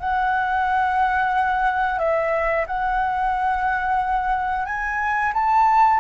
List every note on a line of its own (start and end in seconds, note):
0.00 1.99 F#5
1.99 2.66 E5
2.67 4.66 F#5
4.66 5.33 G#5
5.34 6.00 A5